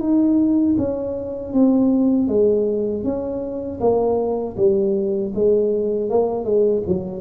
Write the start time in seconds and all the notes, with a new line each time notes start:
0.00 D#4
0.78 C#4
1.53 C4
2.28 G#3
3.04 C#4
3.80 A#3
4.57 G3
5.35 G#3
6.10 A#3
6.45 G#3
6.87 F#3